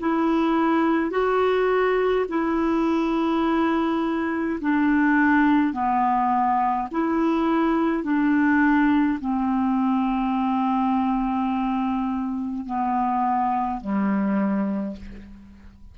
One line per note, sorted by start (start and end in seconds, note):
0.00 1.11 E4
1.11 2.26 F#4
2.29 4.59 E4
4.61 5.73 D4
5.73 6.89 B3
6.92 8.03 E4
8.03 9.19 D4
9.20 12.66 C4
12.66 13.81 B3
13.81 14.96 G3